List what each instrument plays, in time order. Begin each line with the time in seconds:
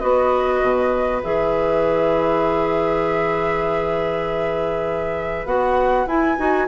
0.00 bassoon B3, clarinet F#4, oboe B4, flute D#5
0.62 bassoon B2
1.23 bassoon E3, clarinet G#4, flute E5
5.46 bassoon B3, clarinet F#4, flute F#5
6.07 bassoon E4, clarinet E4, flute G#5
6.38 bassoon D#4, clarinet F#4